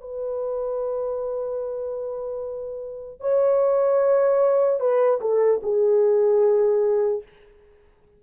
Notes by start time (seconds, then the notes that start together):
0.00 B4
3.20 C#5
4.80 B4
5.20 A4
5.63 G#4